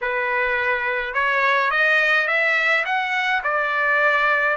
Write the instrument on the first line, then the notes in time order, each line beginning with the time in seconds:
trumpet
0.01 B4
1.14 C#5
1.71 D#5
2.27 E5
2.85 F#5
3.43 D5